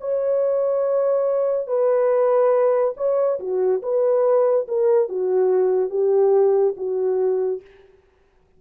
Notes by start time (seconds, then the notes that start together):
0.00 C#5
1.67 B4
2.97 C#5
3.40 F#4
3.83 B4
4.68 A#4
5.09 F#4
5.90 G4
6.76 F#4